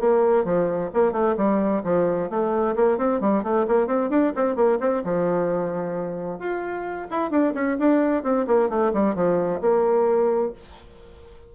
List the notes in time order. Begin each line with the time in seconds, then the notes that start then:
0.00 A#3
0.45 F3
0.94 A#3
1.13 A3
1.37 G3
1.84 F3
2.30 A3
2.76 A#3
2.98 C4
3.21 G3
3.44 A3
3.68 A#3
3.87 C4
4.10 D4
4.36 C4
4.56 A#3
4.80 C4
5.05 F3
6.40 F4
7.11 E4
7.31 D4
7.55 C#4
7.79 D4
8.24 C4
8.47 A#3
8.70 A3
8.94 G3
9.15 F3
9.61 A#3